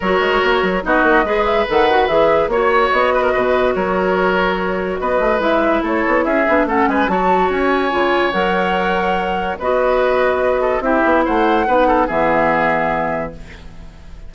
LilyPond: <<
  \new Staff \with { instrumentName = "flute" } { \time 4/4 \tempo 4 = 144 cis''2 dis''4. e''8 | fis''4 e''4 cis''4 dis''4~ | dis''4 cis''2. | dis''4 e''4 cis''4 e''4 |
fis''8 gis''8 a''4 gis''2 | fis''2. dis''4~ | dis''2 e''4 fis''4~ | fis''4 e''2. | }
  \new Staff \with { instrumentName = "oboe" } { \time 4/4 ais'2 fis'4 b'4~ | b'2 cis''4. b'16 ais'16 | b'4 ais'2. | b'2 a'4 gis'4 |
a'8 b'8 cis''2.~ | cis''2. b'4~ | b'4. a'8 g'4 c''4 | b'8 a'8 gis'2. | }
  \new Staff \with { instrumentName = "clarinet" } { \time 4/4 fis'2 dis'4 gis'4 | a'8 fis'8 gis'4 fis'2~ | fis'1~ | fis'4 e'2~ e'8 d'8 |
cis'4 fis'2 f'4 | ais'2. fis'4~ | fis'2 e'2 | dis'4 b2. | }
  \new Staff \with { instrumentName = "bassoon" } { \time 4/4 fis8 gis8 ais8 fis8 b8 ais8 gis4 | dis4 e4 ais4 b4 | b,4 fis2. | b8 a8 gis4 a8 b8 cis'8 b8 |
a8 gis8 fis4 cis'4 cis4 | fis2. b4~ | b2 c'8 b8 a4 | b4 e2. | }
>>